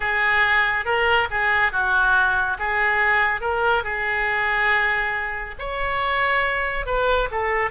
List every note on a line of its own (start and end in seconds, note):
0.00 0.85 G#4
0.85 1.28 A#4
1.30 1.71 G#4
1.71 2.57 F#4
2.58 3.41 G#4
3.41 3.83 A#4
3.83 5.55 G#4
5.58 6.86 C#5
6.86 7.29 B4
7.31 7.70 A4